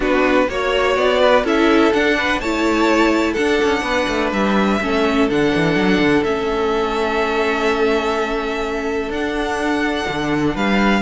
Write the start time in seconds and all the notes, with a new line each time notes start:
0.00 B3 D4 F#4 B4
0.49 A#3 F#4 C#5
0.96 B3 D5
1.20 B4
1.44 C#4 E4 A4 E5
1.93 D4 F#5
2.17 B4
2.40 A3 E4 C#5 A5
3.32 D4 A4 F#5
3.63 C#4
3.81 B3 B4
4.08 A3
4.32 G3 E5
4.80 A3 C#4 A4
5.29 D3 D4 F#5
5.55 E3
5.75 F#3
5.99 D3
6.23 A3 C#4 E5
9.09 D4 F#5
10.08 D3
10.54 G3 B4 F5